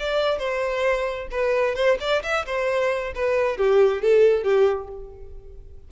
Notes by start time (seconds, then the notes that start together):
0.00 D5
0.39 C5
1.32 B4
1.76 C5
2.01 D5
2.24 E5
2.46 C5
3.16 B4
3.58 G4
4.02 A4
4.44 G4